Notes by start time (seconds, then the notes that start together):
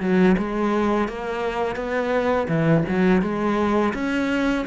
0.00 F#3
0.38 G#3
1.08 A#3
1.76 B3
2.48 E3
2.89 F#3
3.22 G#3
3.94 C#4